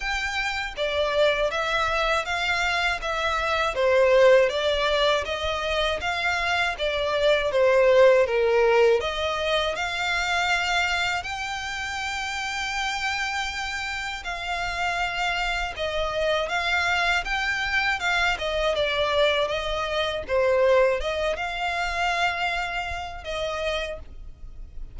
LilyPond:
\new Staff \with { instrumentName = "violin" } { \time 4/4 \tempo 4 = 80 g''4 d''4 e''4 f''4 | e''4 c''4 d''4 dis''4 | f''4 d''4 c''4 ais'4 | dis''4 f''2 g''4~ |
g''2. f''4~ | f''4 dis''4 f''4 g''4 | f''8 dis''8 d''4 dis''4 c''4 | dis''8 f''2~ f''8 dis''4 | }